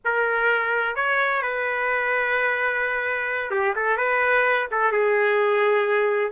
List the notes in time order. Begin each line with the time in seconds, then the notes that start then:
0.04 A#4
0.95 C#5
1.42 B4
3.50 G4
3.75 A4
3.97 B4
4.71 A4
4.92 G#4